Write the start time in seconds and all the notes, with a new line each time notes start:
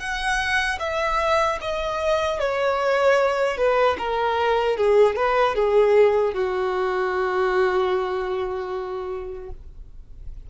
0.00 F#5
0.80 E5
1.61 D#5
2.39 C#5
3.57 B4
3.98 A#4
4.77 G#4
5.16 B4
5.55 G#4
6.34 F#4